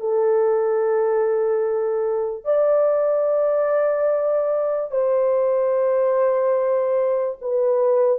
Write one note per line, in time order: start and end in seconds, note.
0.00 2.45 A4
2.45 4.91 D5
4.91 7.38 C5
7.42 8.19 B4